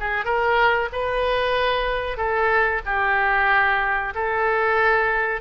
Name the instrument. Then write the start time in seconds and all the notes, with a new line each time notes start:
oboe
0.00 G#4
0.25 A#4
0.93 B4
2.17 A4
2.86 G4
4.15 A4